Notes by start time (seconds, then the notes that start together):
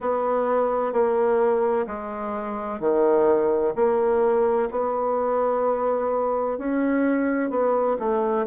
0.00 B3
0.92 A#3
1.86 G#3
2.80 D#3
3.75 A#3
4.70 B3
6.58 C#4
7.50 B3
7.99 A3